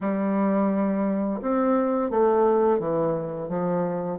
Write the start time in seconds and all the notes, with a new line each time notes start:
0.00 G3
1.41 C4
2.10 A3
2.79 E3
3.49 F3